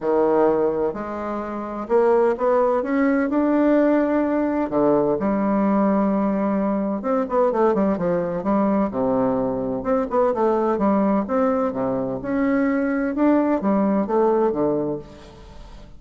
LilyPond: \new Staff \with { instrumentName = "bassoon" } { \time 4/4 \tempo 4 = 128 dis2 gis2 | ais4 b4 cis'4 d'4~ | d'2 d4 g4~ | g2. c'8 b8 |
a8 g8 f4 g4 c4~ | c4 c'8 b8 a4 g4 | c'4 c4 cis'2 | d'4 g4 a4 d4 | }